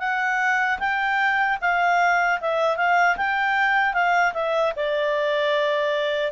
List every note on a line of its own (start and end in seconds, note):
0.00 0.79 F#5
0.80 1.59 G5
1.62 2.41 F5
2.41 2.77 E5
2.77 3.17 F5
3.18 3.94 G5
3.94 4.34 F5
4.34 4.74 E5
4.77 6.33 D5